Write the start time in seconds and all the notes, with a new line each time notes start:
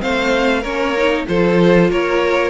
0.00 A3 C4 C5 F5
0.61 A#3 C#4 A#4 C#5
0.97 D#4
1.27 F3 F4 A4 C5
1.90 A#3 A#4 C#5